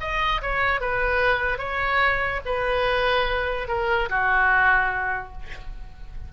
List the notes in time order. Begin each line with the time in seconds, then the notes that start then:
0.00 D#5
0.42 C#5
0.80 B4
1.58 C#5
2.45 B4
3.68 A#4
4.09 F#4